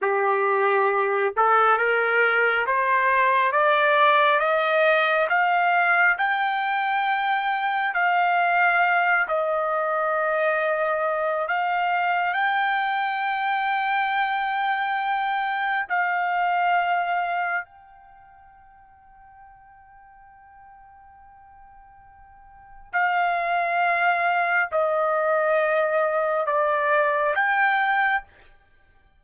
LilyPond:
\new Staff \with { instrumentName = "trumpet" } { \time 4/4 \tempo 4 = 68 g'4. a'8 ais'4 c''4 | d''4 dis''4 f''4 g''4~ | g''4 f''4. dis''4.~ | dis''4 f''4 g''2~ |
g''2 f''2 | g''1~ | g''2 f''2 | dis''2 d''4 g''4 | }